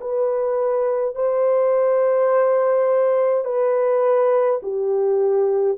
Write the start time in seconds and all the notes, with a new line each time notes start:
0.00 B4
1.15 C5
3.45 B4
4.63 G4